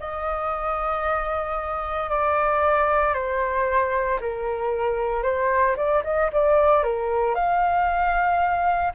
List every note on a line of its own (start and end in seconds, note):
0.00 2.10 D#5
2.10 3.14 D5
3.14 4.20 C5
4.21 5.23 A#4
5.23 5.76 C5
5.77 6.03 D5
6.04 6.31 D#5
6.33 6.84 D5
6.84 7.35 A#4
7.35 8.93 F5